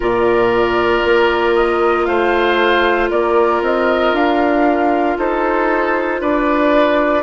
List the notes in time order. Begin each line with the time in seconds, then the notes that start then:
0.00 A#2 F4 A#4 D5
1.04 A#3
1.55 D#5
2.05 A3 C5 F5
3.10 A#3 A#4 D5
3.62 C4 D#5
4.12 D4 F5
5.17 D#4 A4 C5
6.20 D4 B4 D5